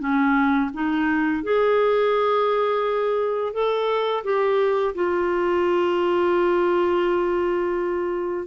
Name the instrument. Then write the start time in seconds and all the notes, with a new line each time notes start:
clarinet
0.00 C#4
0.74 D#4
1.43 G#4
3.53 A4
4.24 G4
4.95 F4